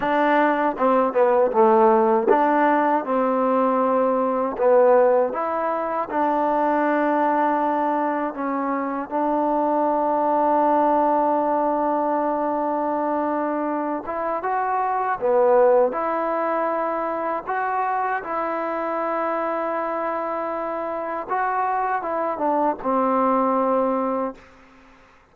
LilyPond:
\new Staff \with { instrumentName = "trombone" } { \time 4/4 \tempo 4 = 79 d'4 c'8 b8 a4 d'4 | c'2 b4 e'4 | d'2. cis'4 | d'1~ |
d'2~ d'8 e'8 fis'4 | b4 e'2 fis'4 | e'1 | fis'4 e'8 d'8 c'2 | }